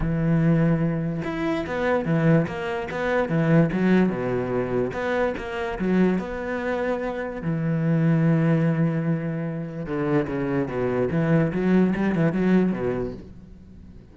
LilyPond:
\new Staff \with { instrumentName = "cello" } { \time 4/4 \tempo 4 = 146 e2. e'4 | b4 e4 ais4 b4 | e4 fis4 b,2 | b4 ais4 fis4 b4~ |
b2 e2~ | e1 | d4 cis4 b,4 e4 | fis4 g8 e8 fis4 b,4 | }